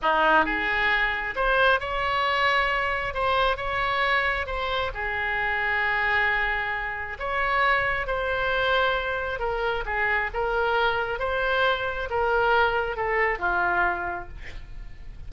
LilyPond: \new Staff \with { instrumentName = "oboe" } { \time 4/4 \tempo 4 = 134 dis'4 gis'2 c''4 | cis''2. c''4 | cis''2 c''4 gis'4~ | gis'1 |
cis''2 c''2~ | c''4 ais'4 gis'4 ais'4~ | ais'4 c''2 ais'4~ | ais'4 a'4 f'2 | }